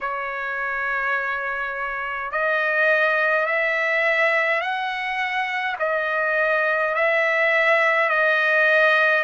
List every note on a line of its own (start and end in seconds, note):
0.01 2.31 C#5
2.31 3.46 D#5
3.46 4.60 E5
4.60 5.76 F#5
5.79 6.94 D#5
6.94 8.09 E5
8.09 9.23 D#5